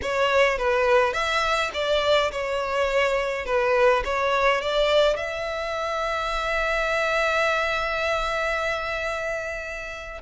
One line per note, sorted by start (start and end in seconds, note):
0.02 0.58 C#5
0.58 1.12 B4
1.12 1.70 E5
1.73 2.31 D5
2.31 3.45 C#5
3.45 4.03 B4
4.04 4.61 C#5
4.61 5.16 D5
5.16 10.21 E5